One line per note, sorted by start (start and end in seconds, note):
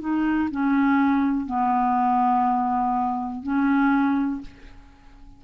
0.00 0.49 D#4
0.51 1.46 C#4
1.46 3.42 B3
3.42 4.41 C#4